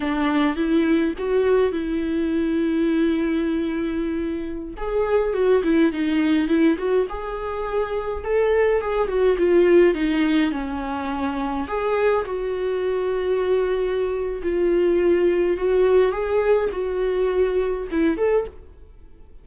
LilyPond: \new Staff \with { instrumentName = "viola" } { \time 4/4 \tempo 4 = 104 d'4 e'4 fis'4 e'4~ | e'1~ | e'16 gis'4 fis'8 e'8 dis'4 e'8 fis'16~ | fis'16 gis'2 a'4 gis'8 fis'16~ |
fis'16 f'4 dis'4 cis'4.~ cis'16~ | cis'16 gis'4 fis'2~ fis'8.~ | fis'4 f'2 fis'4 | gis'4 fis'2 e'8 a'8 | }